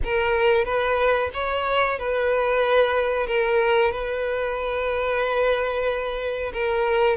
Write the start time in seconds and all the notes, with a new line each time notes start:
0.04 A#4
0.65 B4
1.33 C#5
1.98 B4
3.26 A#4
3.91 B4
6.53 A#4